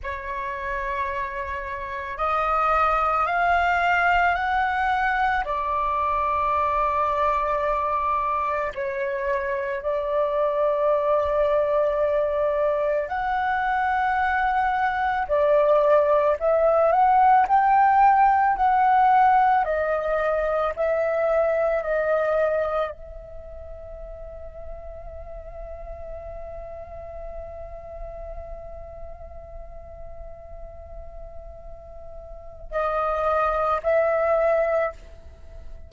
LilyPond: \new Staff \with { instrumentName = "flute" } { \time 4/4 \tempo 4 = 55 cis''2 dis''4 f''4 | fis''4 d''2. | cis''4 d''2. | fis''2 d''4 e''8 fis''8 |
g''4 fis''4 dis''4 e''4 | dis''4 e''2.~ | e''1~ | e''2 dis''4 e''4 | }